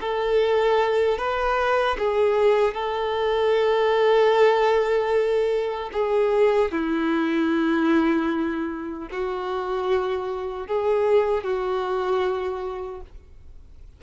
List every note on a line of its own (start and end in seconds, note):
0.00 1.17 A4
1.17 1.96 B4
1.98 2.74 G#4
2.74 5.90 A4
5.92 6.71 G#4
6.71 9.08 E4
9.11 10.67 F#4
10.67 11.43 G#4
11.43 13.01 F#4